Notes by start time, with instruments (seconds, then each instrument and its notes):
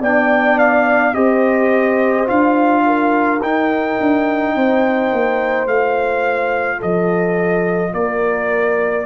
0.00 tuba B3, trombone D4, horn D5, trumpet G5
0.58 trumpet F5
1.13 tuba C4, trombone G4, horn C5, trumpet D#5
2.25 tuba D4, trombone F4, trumpet F5
2.86 horn A#4
3.40 tuba D#4, trombone D#4, trumpet G5
4.00 tuba D4
4.55 tuba C4, horn C5
5.12 tuba A#3
5.66 tuba A3, trombone F4, trumpet F5
6.77 tuba F3, horn A4, trumpet D#5
7.93 tuba A#3, horn A#4, trumpet D5